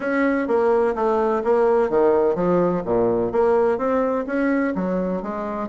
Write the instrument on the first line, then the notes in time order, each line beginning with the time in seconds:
bassoon
0.00 C#4
0.47 A#3
0.95 A3
1.43 A#3
1.89 D#3
2.35 F3
2.85 A#2
3.32 A#3
3.78 C4
4.26 C#4
4.75 F#3
5.22 G#3